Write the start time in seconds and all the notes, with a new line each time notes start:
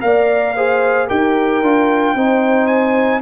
0.00 A#3 A#4 D5 F5
0.55 G#4 C5
1.07 D#4 G4 A#4 G5
1.62 D4 F4
2.14 C4 D#4 C5
2.66 G#5